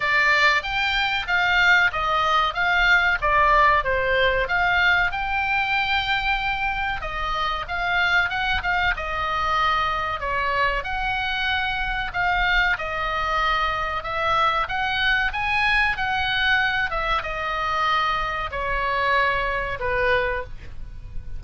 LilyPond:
\new Staff \with { instrumentName = "oboe" } { \time 4/4 \tempo 4 = 94 d''4 g''4 f''4 dis''4 | f''4 d''4 c''4 f''4 | g''2. dis''4 | f''4 fis''8 f''8 dis''2 |
cis''4 fis''2 f''4 | dis''2 e''4 fis''4 | gis''4 fis''4. e''8 dis''4~ | dis''4 cis''2 b'4 | }